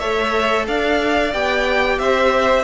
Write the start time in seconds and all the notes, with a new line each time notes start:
0.00 A3 A4 C#5 E5
0.68 D4 D5 F5
1.33 B3 G4 G5
1.99 C4 C5 E5